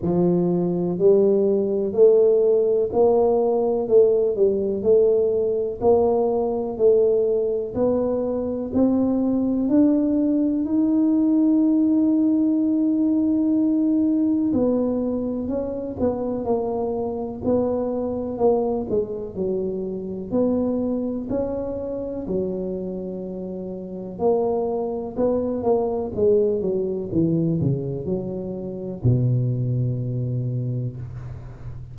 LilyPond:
\new Staff \with { instrumentName = "tuba" } { \time 4/4 \tempo 4 = 62 f4 g4 a4 ais4 | a8 g8 a4 ais4 a4 | b4 c'4 d'4 dis'4~ | dis'2. b4 |
cis'8 b8 ais4 b4 ais8 gis8 | fis4 b4 cis'4 fis4~ | fis4 ais4 b8 ais8 gis8 fis8 | e8 cis8 fis4 b,2 | }